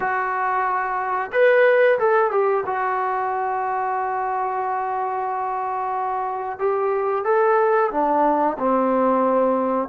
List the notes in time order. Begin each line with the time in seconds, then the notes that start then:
0.00 F#4
1.32 B4
1.98 A4
2.31 G4
2.66 F#4
6.58 G4
7.24 A4
7.91 D4
8.58 C4